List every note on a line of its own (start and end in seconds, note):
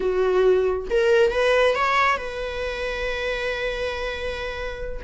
0.00 0.88 F#4
0.90 1.31 A#4
1.31 1.75 B4
1.75 2.17 C#5
2.17 5.01 B4